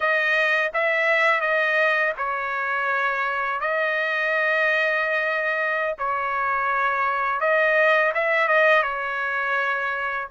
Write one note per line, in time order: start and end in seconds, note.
0.00 0.71 D#5
0.73 1.41 E5
1.41 2.13 D#5
2.17 3.60 C#5
3.60 5.95 D#5
5.98 7.40 C#5
7.40 8.12 D#5
8.14 8.47 E5
8.47 8.83 D#5
8.83 10.27 C#5